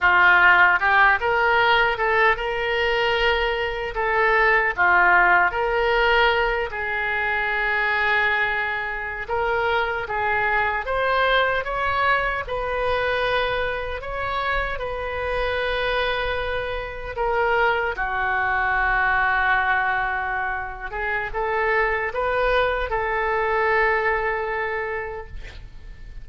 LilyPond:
\new Staff \with { instrumentName = "oboe" } { \time 4/4 \tempo 4 = 76 f'4 g'8 ais'4 a'8 ais'4~ | ais'4 a'4 f'4 ais'4~ | ais'8 gis'2.~ gis'16 ais'16~ | ais'8. gis'4 c''4 cis''4 b'16~ |
b'4.~ b'16 cis''4 b'4~ b'16~ | b'4.~ b'16 ais'4 fis'4~ fis'16~ | fis'2~ fis'8 gis'8 a'4 | b'4 a'2. | }